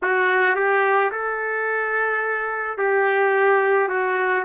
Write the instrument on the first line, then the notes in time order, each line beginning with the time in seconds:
trumpet
0.02 F#4
0.56 G4
1.11 A4
2.78 G4
3.88 F#4